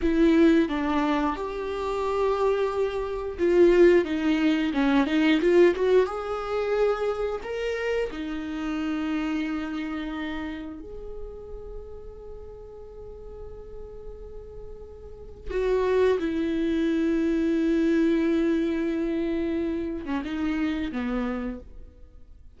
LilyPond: \new Staff \with { instrumentName = "viola" } { \time 4/4 \tempo 4 = 89 e'4 d'4 g'2~ | g'4 f'4 dis'4 cis'8 dis'8 | f'8 fis'8 gis'2 ais'4 | dis'1 |
gis'1~ | gis'2. fis'4 | e'1~ | e'4.~ e'16 cis'16 dis'4 b4 | }